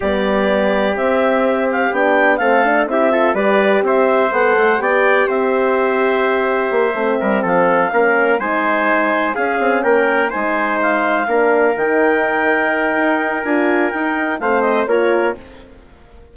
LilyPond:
<<
  \new Staff \with { instrumentName = "clarinet" } { \time 4/4 \tempo 4 = 125 d''2 e''4. f''8 | g''4 f''4 e''4 d''4 | e''4 fis''4 g''4 e''4~ | e''2.~ e''8 f''8~ |
f''4. gis''2 f''8~ | f''8 g''4 gis''4 f''4.~ | f''8 g''2.~ g''8 | gis''4 g''4 f''8 dis''8 cis''4 | }
  \new Staff \with { instrumentName = "trumpet" } { \time 4/4 g'1~ | g'4 a'4 g'8 a'8 b'4 | c''2 d''4 c''4~ | c''2. ais'8 a'8~ |
a'8 ais'4 c''2 gis'8~ | gis'8 ais'4 c''2 ais'8~ | ais'1~ | ais'2 c''4 ais'4 | }
  \new Staff \with { instrumentName = "horn" } { \time 4/4 b2 c'2 | d'4 c'8 d'8 e'8 f'8 g'4~ | g'4 a'4 g'2~ | g'2~ g'8 c'4.~ |
c'8 cis'4 dis'2 cis'8~ | cis'4. dis'2 d'8~ | d'8 dis'2.~ dis'8 | f'4 dis'4 c'4 f'4 | }
  \new Staff \with { instrumentName = "bassoon" } { \time 4/4 g2 c'2 | b4 a4 c'4 g4 | c'4 b8 a8 b4 c'4~ | c'2 ais8 a8 g8 f8~ |
f8 ais4 gis2 cis'8 | c'8 ais4 gis2 ais8~ | ais8 dis2~ dis8 dis'4 | d'4 dis'4 a4 ais4 | }
>>